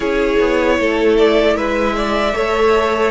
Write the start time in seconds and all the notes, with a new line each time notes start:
0.00 C#4 E4 G#4 C#5
0.39 B3
0.78 A3 A4
1.18 D5
1.55 G#3 B4 E5
1.96 D5
2.33 A3 A4 C#5